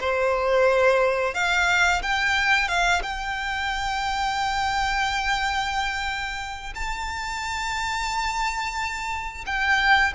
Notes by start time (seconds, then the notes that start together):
0.00 C5
1.34 F5
2.02 G5
2.68 F5
3.03 G5
6.75 A5
9.46 G5